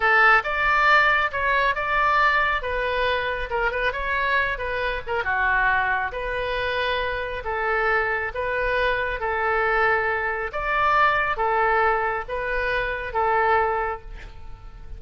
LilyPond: \new Staff \with { instrumentName = "oboe" } { \time 4/4 \tempo 4 = 137 a'4 d''2 cis''4 | d''2 b'2 | ais'8 b'8 cis''4. b'4 ais'8 | fis'2 b'2~ |
b'4 a'2 b'4~ | b'4 a'2. | d''2 a'2 | b'2 a'2 | }